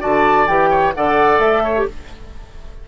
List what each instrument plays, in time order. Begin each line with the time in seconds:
0.00 bassoon D3, clarinet F#4, oboe D5, flute A5
0.47 bassoon E3, clarinet G4, flute G5
0.70 oboe C#5
0.95 bassoon D3, clarinet A4, oboe D5, flute F#5
1.39 bassoon A3, flute E5
1.64 oboe C#5
1.77 clarinet G4